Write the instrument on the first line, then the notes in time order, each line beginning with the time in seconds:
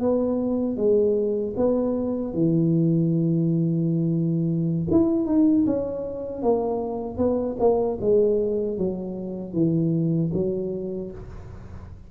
tuba
0.00 B3
0.77 G#3
1.57 B3
2.34 E3
4.91 E4
5.26 D#4
5.66 C#4
6.43 A#3
7.18 B3
7.59 A#3
8.01 G#3
8.78 F#3
9.53 E3
10.34 F#3